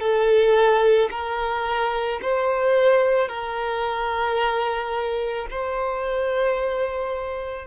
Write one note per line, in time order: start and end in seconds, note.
0.00 1.09 A4
1.11 2.20 A#4
2.22 3.28 C5
3.28 5.46 A#4
5.50 7.67 C5